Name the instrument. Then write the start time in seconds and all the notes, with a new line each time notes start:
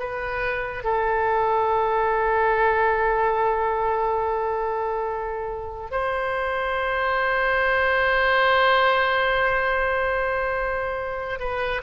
oboe
0.00 B4
0.85 A4
5.92 C5
11.40 B4